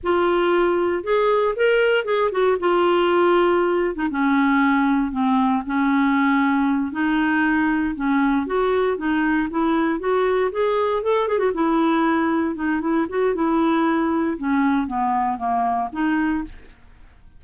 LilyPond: \new Staff \with { instrumentName = "clarinet" } { \time 4/4 \tempo 4 = 117 f'2 gis'4 ais'4 | gis'8 fis'8 f'2~ f'8. dis'16 | cis'2 c'4 cis'4~ | cis'4. dis'2 cis'8~ |
cis'8 fis'4 dis'4 e'4 fis'8~ | fis'8 gis'4 a'8 gis'16 fis'16 e'4.~ | e'8 dis'8 e'8 fis'8 e'2 | cis'4 b4 ais4 dis'4 | }